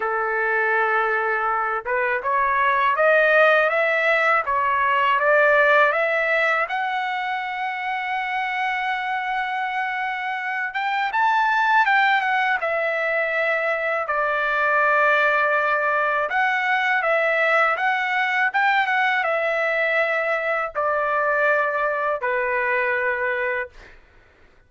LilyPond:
\new Staff \with { instrumentName = "trumpet" } { \time 4/4 \tempo 4 = 81 a'2~ a'8 b'8 cis''4 | dis''4 e''4 cis''4 d''4 | e''4 fis''2.~ | fis''2~ fis''8 g''8 a''4 |
g''8 fis''8 e''2 d''4~ | d''2 fis''4 e''4 | fis''4 g''8 fis''8 e''2 | d''2 b'2 | }